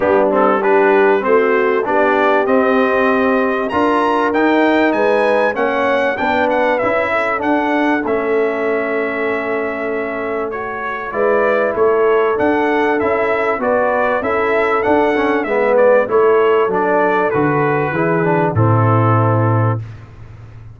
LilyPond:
<<
  \new Staff \with { instrumentName = "trumpet" } { \time 4/4 \tempo 4 = 97 g'8 a'8 b'4 c''4 d''4 | dis''2 ais''4 g''4 | gis''4 fis''4 g''8 fis''8 e''4 | fis''4 e''2.~ |
e''4 cis''4 d''4 cis''4 | fis''4 e''4 d''4 e''4 | fis''4 e''8 d''8 cis''4 d''4 | b'2 a'2 | }
  \new Staff \with { instrumentName = "horn" } { \time 4/4 d'4 g'4 fis'4 g'4~ | g'2 ais'2 | b'4 cis''4 b'4. a'8~ | a'1~ |
a'2 b'4 a'4~ | a'2 b'4 a'4~ | a'4 b'4 a'2~ | a'4 gis'4 e'2 | }
  \new Staff \with { instrumentName = "trombone" } { \time 4/4 b8 c'8 d'4 c'4 d'4 | c'2 f'4 dis'4~ | dis'4 cis'4 d'4 e'4 | d'4 cis'2.~ |
cis'4 fis'4 e'2 | d'4 e'4 fis'4 e'4 | d'8 cis'8 b4 e'4 d'4 | fis'4 e'8 d'8 c'2 | }
  \new Staff \with { instrumentName = "tuba" } { \time 4/4 g2 a4 b4 | c'2 d'4 dis'4 | gis4 ais4 b4 cis'4 | d'4 a2.~ |
a2 gis4 a4 | d'4 cis'4 b4 cis'4 | d'4 gis4 a4 fis4 | d4 e4 a,2 | }
>>